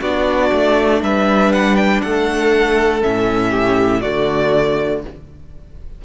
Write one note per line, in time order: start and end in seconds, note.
0.00 0.51 B3
0.00 3.02 D4
0.00 1.00 F#4
0.00 1.02 D5
0.52 1.02 A3
1.02 2.02 G3
1.02 2.03 B4
1.02 1.52 E5
1.52 1.76 F#5
1.76 2.01 G5
2.02 3.03 A3
2.02 3.50 A4
2.02 3.02 F#5
3.02 4.03 A2
3.02 4.02 C#4
3.02 4.01 E5
3.50 4.00 G4
4.01 5.04 D3
4.01 5.04 A3
4.01 5.01 F#4
4.01 5.01 D5